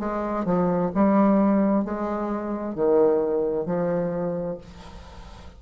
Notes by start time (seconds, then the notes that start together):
0.00 G#3
0.45 F3
0.95 G3
1.85 G#3
2.75 D#3
3.66 F3